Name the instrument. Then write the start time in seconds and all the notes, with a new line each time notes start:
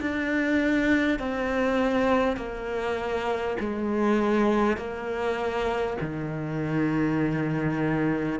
cello
0.00 D4
1.19 C4
2.37 A#3
3.59 G#3
4.77 A#3
6.01 D#3